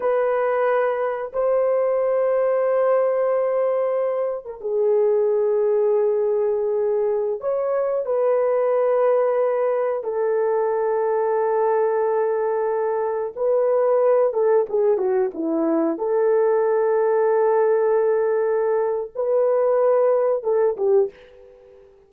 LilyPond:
\new Staff \with { instrumentName = "horn" } { \time 4/4 \tempo 4 = 91 b'2 c''2~ | c''2~ c''8. ais'16 gis'4~ | gis'2.~ gis'16 cis''8.~ | cis''16 b'2. a'8.~ |
a'1~ | a'16 b'4. a'8 gis'8 fis'8 e'8.~ | e'16 a'2.~ a'8.~ | a'4 b'2 a'8 g'8 | }